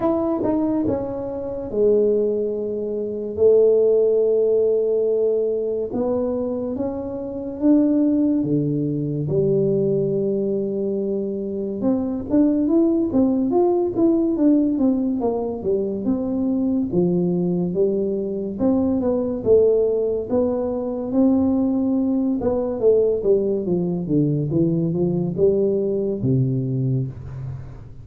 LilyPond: \new Staff \with { instrumentName = "tuba" } { \time 4/4 \tempo 4 = 71 e'8 dis'8 cis'4 gis2 | a2. b4 | cis'4 d'4 d4 g4~ | g2 c'8 d'8 e'8 c'8 |
f'8 e'8 d'8 c'8 ais8 g8 c'4 | f4 g4 c'8 b8 a4 | b4 c'4. b8 a8 g8 | f8 d8 e8 f8 g4 c4 | }